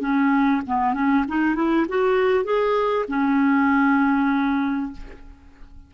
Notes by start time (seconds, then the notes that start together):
0.00 C#4
0.67 B3
0.94 C#4
1.28 D#4
1.55 E4
1.88 F#4
2.44 G#4
3.08 C#4